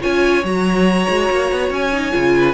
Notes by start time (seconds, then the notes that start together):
0.00 C#4 F4 C#5 G#5
0.43 F#3 F#4 A#5
1.08 G#3
1.30 A#3
1.51 B3
1.70 C#4 G#5
1.92 D#4
2.11 C#3 F4
2.37 B4